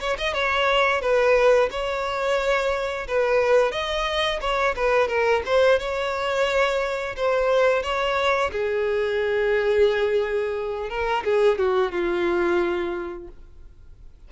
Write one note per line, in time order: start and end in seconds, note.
0.00 0.17 C#5
0.18 0.34 D#5
0.34 1.01 C#5
1.01 1.69 B4
1.71 3.07 C#5
3.07 3.72 B4
3.72 4.40 D#5
4.41 4.75 C#5
4.76 5.08 B4
5.08 5.42 A#4
5.46 5.79 C5
5.79 7.16 C#5
7.17 7.83 C5
7.83 8.51 C#5
8.52 10.90 G#4
10.90 11.24 A#4
11.25 11.58 G#4
11.58 11.92 F#4
11.92 13.28 F4